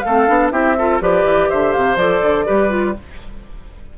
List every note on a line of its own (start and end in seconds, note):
0.00 0.28 A3
0.00 0.52 A4
0.00 0.49 F5
0.07 0.27 C4
0.27 0.52 B3
0.27 0.51 D4
0.50 1.00 C4
0.50 0.75 E4
0.50 0.77 G4
0.50 0.99 E5
0.78 1.01 F4
0.78 1.02 A4
1.01 1.23 F3
1.01 1.98 G4
1.01 1.49 B4
1.01 1.49 D5
1.23 1.48 E3
1.49 1.76 D3
1.49 2.46 C5
1.49 1.72 E5
1.72 1.96 C3
1.72 1.97 F5
1.96 2.20 F3
1.96 2.46 A4
1.96 2.94 D5
2.22 2.46 D3
2.46 2.98 G3
2.46 2.69 G4
2.46 2.94 B4
2.69 2.93 F4